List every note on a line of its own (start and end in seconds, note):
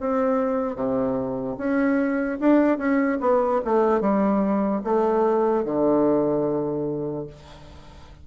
0.00 0.76 C4
0.76 1.57 C3
1.58 2.39 C#4
2.40 2.78 D4
2.78 3.19 C#4
3.21 3.61 B3
3.65 4.01 A3
4.01 4.82 G3
4.84 5.65 A3
5.65 7.27 D3